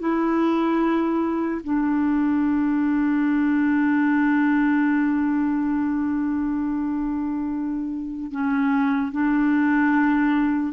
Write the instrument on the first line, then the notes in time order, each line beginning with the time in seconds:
clarinet
0.00 E4
1.64 D4
8.32 C#4
9.13 D4